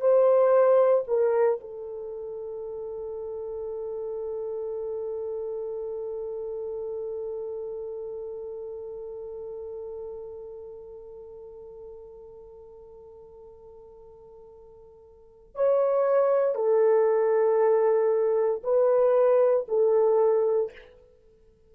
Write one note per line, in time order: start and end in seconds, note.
0.00 1.03 C5
1.07 1.58 A#4
1.60 15.55 A4
15.55 16.55 C#5
16.55 18.62 A4
18.63 19.66 B4
19.68 20.71 A4